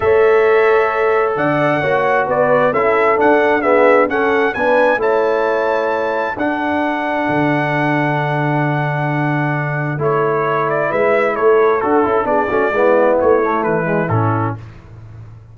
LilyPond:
<<
  \new Staff \with { instrumentName = "trumpet" } { \time 4/4 \tempo 4 = 132 e''2. fis''4~ | fis''4 d''4 e''4 fis''4 | e''4 fis''4 gis''4 a''4~ | a''2 fis''2~ |
fis''1~ | fis''2 cis''4. d''8 | e''4 cis''4 a'4 d''4~ | d''4 cis''4 b'4 a'4 | }
  \new Staff \with { instrumentName = "horn" } { \time 4/4 cis''2. d''4 | cis''4 b'4 a'2 | gis'4 a'4 b'4 cis''4~ | cis''2 a'2~ |
a'1~ | a'1 | b'4 a'2 gis'8 fis'8 | e'1 | }
  \new Staff \with { instrumentName = "trombone" } { \time 4/4 a'1 | fis'2 e'4 d'4 | b4 cis'4 d'4 e'4~ | e'2 d'2~ |
d'1~ | d'2 e'2~ | e'2 fis'8 e'8 d'8 cis'8 | b4. a4 gis8 cis'4 | }
  \new Staff \with { instrumentName = "tuba" } { \time 4/4 a2. d4 | ais4 b4 cis'4 d'4~ | d'4 cis'4 b4 a4~ | a2 d'2 |
d1~ | d2 a2 | gis4 a4 d'8 cis'8 b8 a8 | gis4 a4 e4 a,4 | }
>>